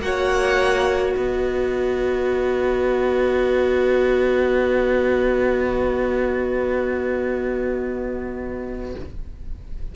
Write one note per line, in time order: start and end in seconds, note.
0.00 1.15 A#3
0.00 8.96 F#4
0.00 1.16 C#5
0.00 1.14 F#5
1.14 8.95 B3
1.14 8.95 B4
1.14 8.93 D#5